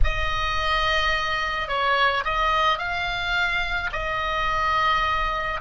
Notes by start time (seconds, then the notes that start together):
0.04 D#5
1.67 C#5
2.24 D#5
2.78 F5
3.92 D#5